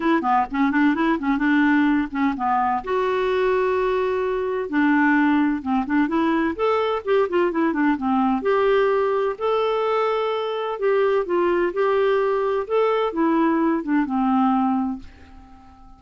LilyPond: \new Staff \with { instrumentName = "clarinet" } { \time 4/4 \tempo 4 = 128 e'8 b8 cis'8 d'8 e'8 cis'8 d'4~ | d'8 cis'8 b4 fis'2~ | fis'2 d'2 | c'8 d'8 e'4 a'4 g'8 f'8 |
e'8 d'8 c'4 g'2 | a'2. g'4 | f'4 g'2 a'4 | e'4. d'8 c'2 | }